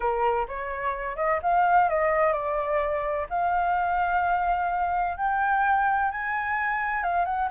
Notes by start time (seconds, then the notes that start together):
0.00 A#4
0.48 C#5
1.16 D#5
1.42 F5
1.89 D#5
2.32 D5
3.29 F5
5.17 G5
6.11 G#5
7.03 F5
7.25 F#5